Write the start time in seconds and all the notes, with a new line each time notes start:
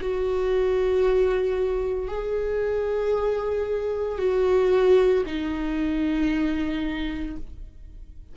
0.00 F#4
2.08 G#4
4.18 F#4
5.26 D#4